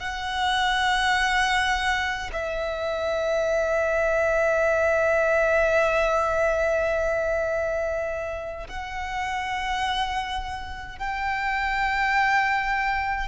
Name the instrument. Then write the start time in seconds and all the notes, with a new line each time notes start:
violin
0.00 F#5
2.33 E5
8.69 F#5
10.99 G5